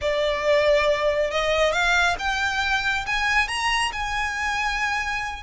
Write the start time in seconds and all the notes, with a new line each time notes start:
0.01 D5
1.30 D#5
1.72 F5
2.18 G5
3.06 G#5
3.48 A#5
3.92 G#5